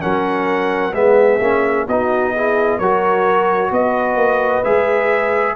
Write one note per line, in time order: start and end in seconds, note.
0.00 0.92 F#3
0.00 0.92 C#4
0.00 0.93 A#4
0.00 0.93 F#5
0.92 1.39 G#3
0.92 1.40 B3
0.92 1.86 G#4
0.92 1.86 E5
1.40 1.86 A#3
1.40 1.87 C#4
1.87 2.79 B3
1.87 2.36 D#4
1.87 2.33 F#4
1.87 2.78 D#5
2.34 2.82 E4
2.34 2.78 G#4
2.78 3.71 F#3
2.78 4.64 F#4
2.78 3.70 A#4
2.78 3.71 C#5
3.71 4.15 B3
3.71 5.55 B4
3.71 4.64 D#5
4.15 4.61 A#3
4.64 5.55 G#3
4.64 5.55 G#4
4.64 5.55 E5